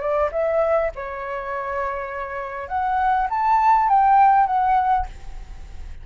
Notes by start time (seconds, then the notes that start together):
0.00 D5
0.32 E5
0.95 C#5
2.68 F#5
3.29 A5
3.89 G5
4.47 F#5